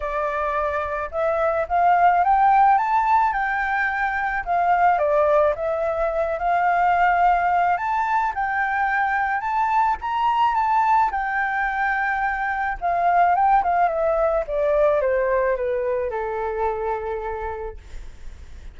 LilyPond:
\new Staff \with { instrumentName = "flute" } { \time 4/4 \tempo 4 = 108 d''2 e''4 f''4 | g''4 a''4 g''2 | f''4 d''4 e''4. f''8~ | f''2 a''4 g''4~ |
g''4 a''4 ais''4 a''4 | g''2. f''4 | g''8 f''8 e''4 d''4 c''4 | b'4 a'2. | }